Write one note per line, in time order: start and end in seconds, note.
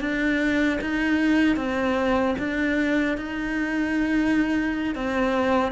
0.00 0.79 D4
0.81 1.56 D#4
1.56 2.35 C4
2.39 3.18 D4
3.18 4.95 D#4
4.95 5.72 C4